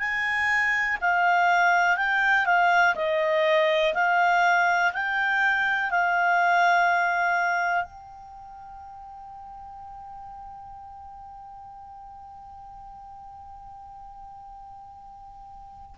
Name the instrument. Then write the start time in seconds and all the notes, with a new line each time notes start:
clarinet
0.00 G#5
1.01 F5
1.98 G5
2.46 F5
2.96 D#5
3.94 F5
4.94 G5
5.91 F5
7.85 G5